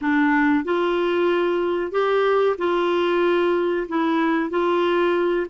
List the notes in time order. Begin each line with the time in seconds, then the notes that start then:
0.01 D4
0.64 F4
1.91 G4
2.58 F4
3.88 E4
4.50 F4